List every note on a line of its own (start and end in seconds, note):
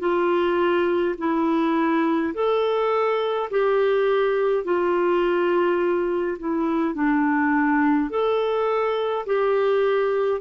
0.00 1.15 F4
1.18 2.33 E4
2.34 3.50 A4
3.50 4.65 G4
4.65 6.38 F4
6.39 6.95 E4
6.95 8.10 D4
8.10 9.26 A4
9.26 10.41 G4